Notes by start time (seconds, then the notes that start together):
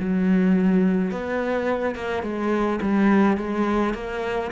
0.00 F#3
1.11 B3
1.96 A#3
2.23 G#3
2.82 G3
3.37 G#3
3.95 A#3